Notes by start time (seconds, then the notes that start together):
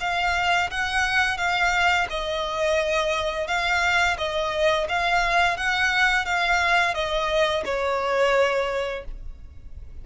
0.00 F5
0.70 F#5
1.37 F5
2.10 D#5
3.47 F5
4.17 D#5
4.88 F5
5.57 F#5
6.25 F5
6.94 D#5
7.65 C#5